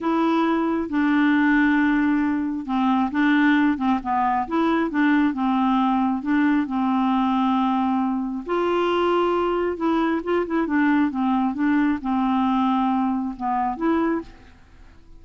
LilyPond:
\new Staff \with { instrumentName = "clarinet" } { \time 4/4 \tempo 4 = 135 e'2 d'2~ | d'2 c'4 d'4~ | d'8 c'8 b4 e'4 d'4 | c'2 d'4 c'4~ |
c'2. f'4~ | f'2 e'4 f'8 e'8 | d'4 c'4 d'4 c'4~ | c'2 b4 e'4 | }